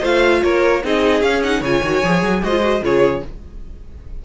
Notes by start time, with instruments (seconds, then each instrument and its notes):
0.00 cello A3, viola F4, violin C5 F5
0.43 cello A#3, violin A#4 C#5
0.83 cello C4, viola D#4, violin G#4 D#5
1.21 cello C#4, viola C#4, violin F5
1.43 viola D#4, violin F#5
1.59 cello C#3, viola F4, violin C#5 G#5
1.82 cello D#3, viola F#4
2.03 cello F3, viola G#4
2.22 cello F#3
2.43 cello G#3, viola F#4, violin C5 D#5
2.50 viola F4
2.61 viola F#4
2.82 cello C#3, viola F4, violin G#4 C#5